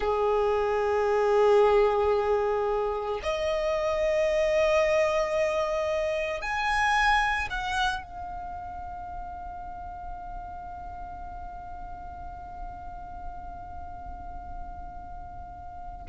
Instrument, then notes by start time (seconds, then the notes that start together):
violin
0.00 G#4
3.22 D#5
6.41 G#5
7.50 F#5
8.03 F5